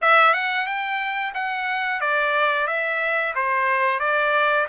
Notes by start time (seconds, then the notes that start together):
0.01 E5
0.33 F#5
0.66 G5
1.34 F#5
2.00 D5
2.67 E5
3.35 C5
3.99 D5